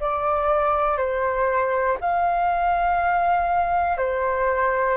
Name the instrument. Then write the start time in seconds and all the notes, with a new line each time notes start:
flute
0.00 D5
0.97 C5
2.00 F5
3.97 C5